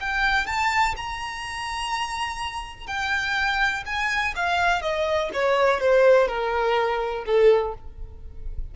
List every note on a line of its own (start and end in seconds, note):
0.00 0.47 G5
0.47 0.95 A5
0.96 2.87 A#5
2.87 3.84 G5
3.86 4.34 G#5
4.36 4.82 F5
4.82 5.30 D#5
5.33 5.80 C#5
5.80 6.28 C5
6.28 7.24 A#4
7.26 7.74 A4